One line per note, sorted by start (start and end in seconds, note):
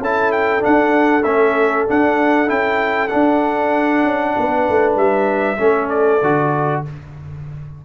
0.00 0.62 C#4
0.00 0.60 E4
0.00 4.35 A4
0.00 0.32 A5
0.32 0.63 G5
0.60 1.22 D4
0.60 1.24 F#5
0.66 1.25 D4
1.24 1.87 A3
1.24 1.88 C#4
1.24 1.86 E5
1.88 2.47 D4
1.88 2.50 D4
1.88 2.50 F#5
2.47 3.12 C#4
2.47 3.09 E4
2.47 3.08 G5
3.08 5.57 D4
3.08 4.04 D4
3.08 4.94 F#5
4.04 4.35 C#4
4.36 4.69 B3
4.36 5.59 B4
4.70 4.96 A3
4.96 5.58 G3
4.96 5.89 E5
5.58 6.22 A3
5.58 6.20 C#4
5.58 6.82 A4
5.89 6.82 D5
6.22 6.84 D3
6.22 6.85 F#4